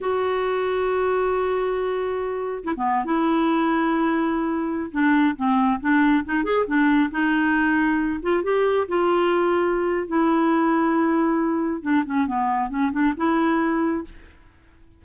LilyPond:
\new Staff \with { instrumentName = "clarinet" } { \time 4/4 \tempo 4 = 137 fis'1~ | fis'2 e'16 b8. e'4~ | e'2.~ e'16 d'8.~ | d'16 c'4 d'4 dis'8 gis'8 d'8.~ |
d'16 dis'2~ dis'8 f'8 g'8.~ | g'16 f'2~ f'8. e'4~ | e'2. d'8 cis'8 | b4 cis'8 d'8 e'2 | }